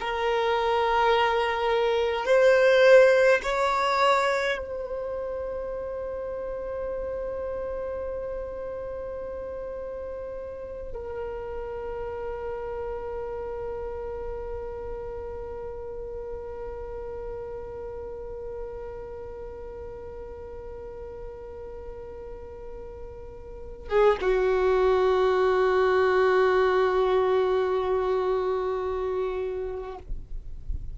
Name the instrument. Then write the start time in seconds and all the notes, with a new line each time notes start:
violin
0.00 A#4
2.26 C5
3.43 C#5
4.58 C5
10.93 A#4
23.88 G#4
24.22 F#4